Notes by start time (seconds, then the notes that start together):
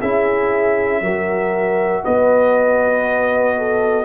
0.00 C#4 E4 G#4 E5
1.01 F#3 F#4 A#4
2.04 B3 B4 D#5
3.58 A4